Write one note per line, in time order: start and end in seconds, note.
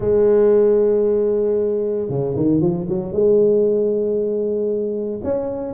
0.00 2.08 G#3
2.08 2.34 C#3
2.36 2.60 D#3
2.60 2.86 F3
2.88 3.12 F#3
3.12 5.21 G#3
5.23 5.74 C#4